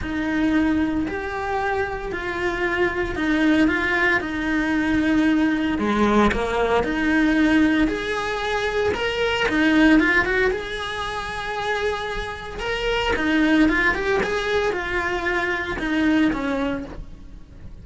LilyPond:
\new Staff \with { instrumentName = "cello" } { \time 4/4 \tempo 4 = 114 dis'2 g'2 | f'2 dis'4 f'4 | dis'2. gis4 | ais4 dis'2 gis'4~ |
gis'4 ais'4 dis'4 f'8 fis'8 | gis'1 | ais'4 dis'4 f'8 g'8 gis'4 | f'2 dis'4 cis'4 | }